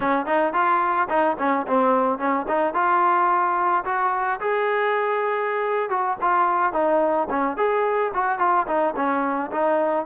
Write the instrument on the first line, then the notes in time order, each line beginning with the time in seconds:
trombone
0.00 C#4
0.26 D#4
0.53 F4
1.09 D#4
1.39 C#4
1.67 C4
2.18 C#4
2.48 D#4
2.74 F4
3.85 F#4
4.40 G#4
5.89 F#4
6.21 F4
6.73 D#4
7.29 C#4
7.57 G#4
8.14 F#4
8.38 F4
8.67 D#4
8.95 C#4
9.51 D#4